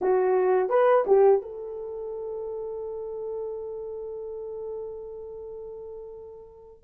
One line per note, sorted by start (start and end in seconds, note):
0.01 0.69 F#4
0.69 1.04 B4
1.07 1.41 G4
1.41 6.83 A4